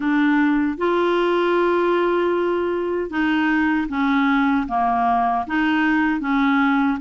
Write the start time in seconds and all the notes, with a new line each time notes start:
0.00 D4
0.77 F4
3.10 D#4
3.88 C#4
4.68 A#3
5.46 D#4
6.20 C#4